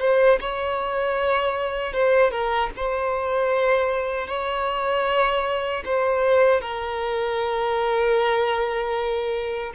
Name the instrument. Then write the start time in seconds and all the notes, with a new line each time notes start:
violin
0.00 C5
0.41 C#5
1.93 C5
2.31 A#4
2.76 C5
4.28 C#5
5.85 C5
6.61 A#4